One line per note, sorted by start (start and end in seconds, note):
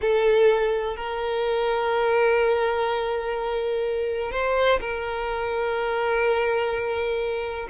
0.01 0.96 A4
0.96 4.31 A#4
4.31 4.79 C5
4.80 7.68 A#4